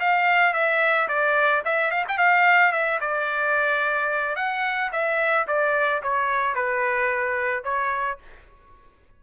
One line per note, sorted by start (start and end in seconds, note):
0.00 0.54 F5
0.54 1.08 E5
1.08 1.63 D5
1.65 1.91 E5
1.91 2.05 F5
2.08 2.18 G5
2.18 2.72 F5
2.72 3.00 E5
3.00 4.36 D5
4.36 4.90 F#5
4.92 5.47 E5
5.48 6.02 D5
6.02 6.55 C#5
6.55 7.64 B4
7.64 8.18 C#5